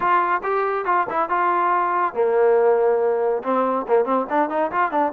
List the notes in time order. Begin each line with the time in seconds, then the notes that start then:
0.00 F4
0.43 G4
0.85 F4
1.09 E4
1.29 F4
2.14 A#3
3.43 C4
3.88 A#3
4.05 C4
4.29 D4
4.49 D#4
4.71 F4
4.91 D4